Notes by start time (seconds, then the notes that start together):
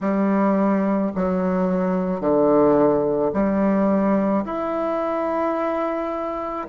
0.00 G3
1.15 F#3
2.20 D3
3.33 G3
4.44 E4